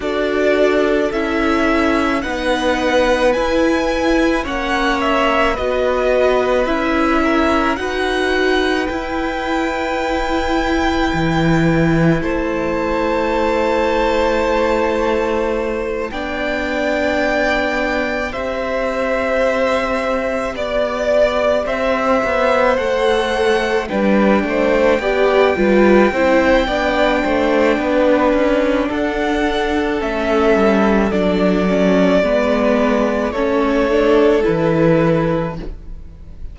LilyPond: <<
  \new Staff \with { instrumentName = "violin" } { \time 4/4 \tempo 4 = 54 d''4 e''4 fis''4 gis''4 | fis''8 e''8 dis''4 e''4 fis''4 | g''2. a''4~ | a''2~ a''8 g''4.~ |
g''8 e''2 d''4 e''8~ | e''8 fis''4 g''2~ g''8~ | g''2 fis''4 e''4 | d''2 cis''4 b'4 | }
  \new Staff \with { instrumentName = "violin" } { \time 4/4 a'2 b'2 | cis''4 b'4. ais'8 b'4~ | b'2. c''4~ | c''2~ c''8 d''4.~ |
d''8 c''2 d''4 c''8~ | c''4. b'8 c''8 d''8 b'8 c''8 | d''8 c''8 b'4 a'2~ | a'4 b'4 a'2 | }
  \new Staff \with { instrumentName = "viola" } { \time 4/4 fis'4 e'4 dis'4 e'4 | cis'4 fis'4 e'4 fis'4 | e'1~ | e'2~ e'8 d'4.~ |
d'8 g'2.~ g'8~ | g'8 a'4 d'4 g'8 f'8 e'8 | d'2. cis'4 | d'8 cis'8 b4 cis'8 d'8 e'4 | }
  \new Staff \with { instrumentName = "cello" } { \time 4/4 d'4 cis'4 b4 e'4 | ais4 b4 cis'4 dis'4 | e'2 e4 a4~ | a2~ a8 b4.~ |
b8 c'2 b4 c'8 | b8 a4 g8 a8 b8 g8 c'8 | b8 a8 b8 cis'8 d'4 a8 g8 | fis4 gis4 a4 e4 | }
>>